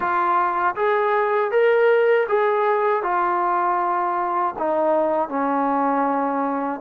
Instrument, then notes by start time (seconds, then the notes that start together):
trombone
0.00 F4
0.75 G#4
1.51 A#4
2.28 G#4
3.02 F4
4.58 D#4
5.29 C#4